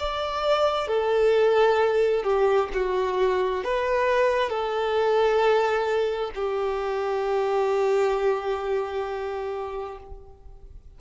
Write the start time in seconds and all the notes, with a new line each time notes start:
0.00 D5
0.88 A4
2.24 G4
2.74 F#4
3.64 B4
4.50 A4
6.35 G4